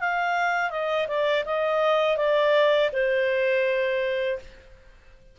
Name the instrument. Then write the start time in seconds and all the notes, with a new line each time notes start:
clarinet
0.00 F5
0.71 D#5
1.08 D5
1.46 D#5
2.17 D5
2.93 C5